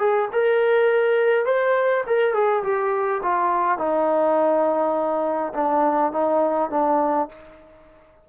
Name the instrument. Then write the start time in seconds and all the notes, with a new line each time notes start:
trombone
0.00 G#4
0.33 A#4
1.46 C5
2.07 A#4
2.34 G#4
2.64 G4
3.23 F4
3.79 D#4
5.54 D4
6.12 D#4
6.71 D4